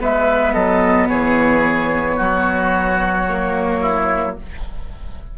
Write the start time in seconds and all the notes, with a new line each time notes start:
0.00 G#3 B3 B4 E5
0.54 F#3 A4 D#5
1.09 E3 G#4 C#5
2.17 F#3 F#4
3.29 A#3
3.82 E4